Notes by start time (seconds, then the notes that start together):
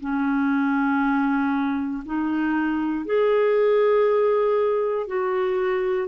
0.00 C#4
2.05 D#4
3.05 G#4
5.07 F#4